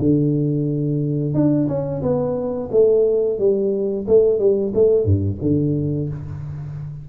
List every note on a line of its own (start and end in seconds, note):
0.00 1.35 D3
1.35 1.68 D4
1.69 2.02 C#4
2.03 2.70 B3
2.72 3.39 A3
3.39 4.06 G3
4.08 4.39 A3
4.39 4.73 G3
4.75 5.05 A3
5.05 5.38 G2
5.42 6.09 D3